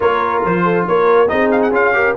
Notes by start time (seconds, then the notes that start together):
0.00 A#3 F4 A#4 C#5
0.44 F3 C5
0.64 A4
0.87 A#3 A#4 C#5
1.28 C4 D#4 G#4 D#5
1.51 F5
1.62 F#5
1.71 C#4 F4 F5
1.93 G4 A#4